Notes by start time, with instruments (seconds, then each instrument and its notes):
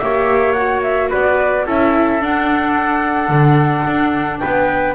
0.00 double bass A#3, viola G4, trumpet C#5, flute E5
0.53 viola F#4, flute F#5
0.83 flute E5
1.10 double bass B3, trumpet B4, flute D5
1.66 double bass C#4, viola E4, trumpet A4, flute E5
2.21 double bass D4, viola D4, flute F#5
3.29 double bass D3
3.87 double bass D4
4.39 double bass B3, trumpet B4, flute G5